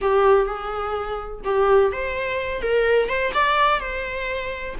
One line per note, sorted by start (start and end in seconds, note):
0.01 0.45 G4
0.45 1.41 G#4
1.44 1.92 G4
1.92 2.61 C5
2.61 3.08 A#4
3.08 3.32 C5
3.34 3.80 D5
3.80 4.75 C5